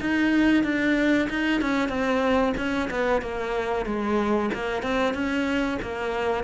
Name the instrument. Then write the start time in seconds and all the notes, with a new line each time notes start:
cello
0.00 D#4
0.64 D4
1.29 D#4
1.61 C#4
1.89 C4
2.57 C#4
2.90 B3
3.21 A#3
3.85 G#3
4.54 A#3
4.82 C4
5.14 C#4
5.82 A#3